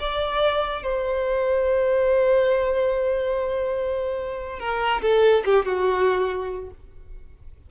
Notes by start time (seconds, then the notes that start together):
0.00 D5
0.83 C5
4.59 A#4
5.02 A4
5.45 G4
5.65 F#4